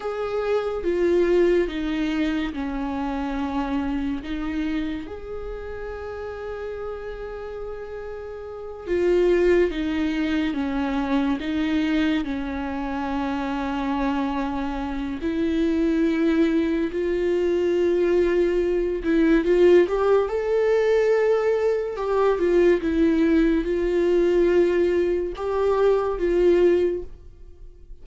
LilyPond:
\new Staff \with { instrumentName = "viola" } { \time 4/4 \tempo 4 = 71 gis'4 f'4 dis'4 cis'4~ | cis'4 dis'4 gis'2~ | gis'2~ gis'8 f'4 dis'8~ | dis'8 cis'4 dis'4 cis'4.~ |
cis'2 e'2 | f'2~ f'8 e'8 f'8 g'8 | a'2 g'8 f'8 e'4 | f'2 g'4 f'4 | }